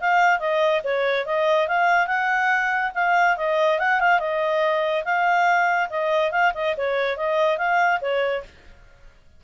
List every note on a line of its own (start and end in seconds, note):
0.00 0.39 F5
0.39 0.81 D#5
0.84 1.25 C#5
1.25 1.67 D#5
1.67 2.07 F5
2.07 2.91 F#5
2.94 3.36 F5
3.36 3.79 D#5
3.79 4.00 F#5
4.00 4.19 F5
4.19 5.04 D#5
5.04 5.89 F5
5.89 6.31 D#5
6.31 6.52 F5
6.54 6.75 D#5
6.77 7.17 C#5
7.17 7.57 D#5
7.57 8.00 F5
8.01 8.43 C#5